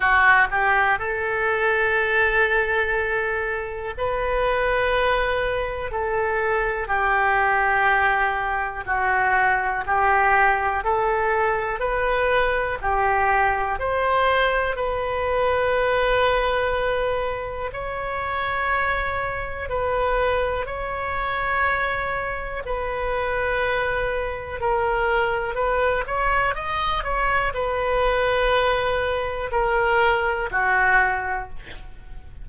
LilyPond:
\new Staff \with { instrumentName = "oboe" } { \time 4/4 \tempo 4 = 61 fis'8 g'8 a'2. | b'2 a'4 g'4~ | g'4 fis'4 g'4 a'4 | b'4 g'4 c''4 b'4~ |
b'2 cis''2 | b'4 cis''2 b'4~ | b'4 ais'4 b'8 cis''8 dis''8 cis''8 | b'2 ais'4 fis'4 | }